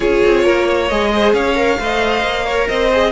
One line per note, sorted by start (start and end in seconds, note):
0.00 0.22 C#4
0.00 0.89 F4
0.00 0.43 G#4
0.00 0.87 C#5
0.25 0.46 C4
0.43 0.91 A#3
0.43 0.66 A#4
0.66 1.10 C#5
0.87 1.33 G#3
0.87 1.55 G#4
0.87 1.32 D#5
1.14 1.34 C5
1.33 1.78 C#4
1.33 1.79 C#5
1.33 2.68 F5
1.55 1.78 A#4
1.79 2.23 A3
1.79 2.46 C5
1.79 2.45 D#5
2.23 2.67 A#3
2.45 2.91 A#4
2.45 2.68 C#5
2.68 3.11 C4
2.68 3.11 C5
2.68 3.11 D#5
2.92 3.11 G#4